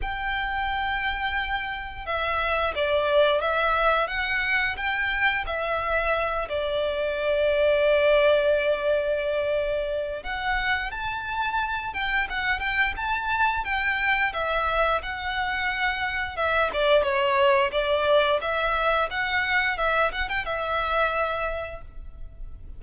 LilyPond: \new Staff \with { instrumentName = "violin" } { \time 4/4 \tempo 4 = 88 g''2. e''4 | d''4 e''4 fis''4 g''4 | e''4. d''2~ d''8~ | d''2. fis''4 |
a''4. g''8 fis''8 g''8 a''4 | g''4 e''4 fis''2 | e''8 d''8 cis''4 d''4 e''4 | fis''4 e''8 fis''16 g''16 e''2 | }